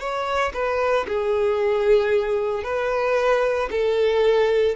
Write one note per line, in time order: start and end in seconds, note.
0.00 0.53 C#5
0.54 1.06 B4
1.08 2.64 G#4
2.64 3.69 B4
3.71 4.76 A4